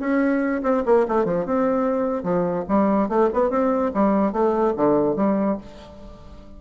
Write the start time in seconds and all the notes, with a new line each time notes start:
0.00 C#4
0.63 C4
0.86 A#3
1.08 A3
1.25 F3
1.46 C4
2.23 F3
2.69 G3
3.09 A3
3.34 B3
3.50 C4
3.94 G3
4.32 A3
4.76 D3
5.16 G3